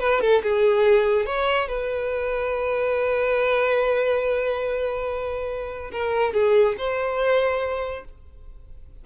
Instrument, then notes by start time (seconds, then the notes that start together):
violin
0.00 B4
0.21 A4
0.43 G#4
1.26 C#5
1.68 B4
5.92 A#4
6.34 G#4
6.78 C5